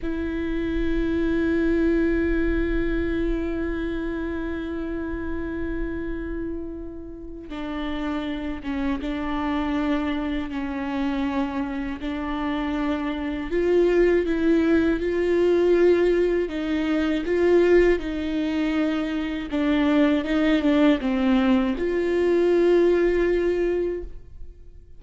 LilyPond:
\new Staff \with { instrumentName = "viola" } { \time 4/4 \tempo 4 = 80 e'1~ | e'1~ | e'2 d'4. cis'8 | d'2 cis'2 |
d'2 f'4 e'4 | f'2 dis'4 f'4 | dis'2 d'4 dis'8 d'8 | c'4 f'2. | }